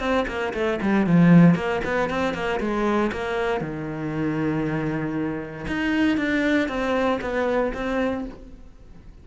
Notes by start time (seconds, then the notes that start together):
0.00 C4
0.28 A#3
0.54 A3
0.82 G3
1.07 F3
1.55 A#3
1.85 B3
2.10 C4
2.34 A#3
2.60 G#3
3.12 A#3
3.61 D#3
5.68 D#4
6.18 D4
6.69 C4
7.22 B3
7.74 C4